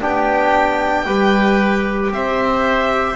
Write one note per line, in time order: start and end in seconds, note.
0.00 1.06 B3
0.00 1.05 D4
0.00 1.05 G4
0.00 2.12 G5
1.05 2.11 G3
1.05 3.16 G4
1.05 2.11 B4
2.11 3.16 C4
2.11 3.16 C5
2.11 3.16 E5